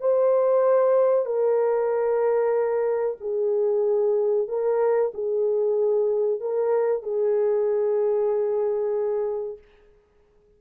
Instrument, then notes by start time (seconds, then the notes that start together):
horn
0.00 C5
1.25 A#4
3.20 G#4
4.48 A#4
5.14 G#4
6.41 A#4
7.03 G#4